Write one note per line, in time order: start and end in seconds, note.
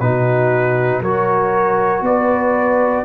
0.00 1.01 B2
0.00 1.03 D#4
0.00 1.01 F#4
0.00 1.02 B4
1.01 2.01 F#3
1.01 3.05 F#4
1.01 2.03 A#4
1.01 2.05 C#5
2.01 3.03 B3
2.01 3.05 B4
2.01 3.05 D5